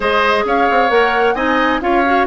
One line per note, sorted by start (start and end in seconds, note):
0.00 0.44 G#3
0.00 0.89 G#4
0.00 0.44 C5
0.00 0.46 D#5
0.44 0.67 C#4
0.44 1.35 C#5
0.44 0.90 F5
0.70 0.90 C4
0.89 1.34 A#3
0.89 1.35 A#4
0.89 1.35 F#5
1.34 1.79 C4
1.34 1.80 D#4
1.34 1.80 D#5
1.34 1.80 G#5
1.80 2.27 C#4
1.80 2.03 F4
1.80 2.27 C#5
1.80 2.27 F5
2.05 2.27 F#4